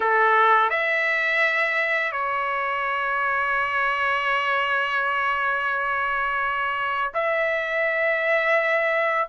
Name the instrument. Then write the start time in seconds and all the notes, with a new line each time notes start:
trumpet
0.00 A4
0.70 E5
2.11 C#5
7.14 E5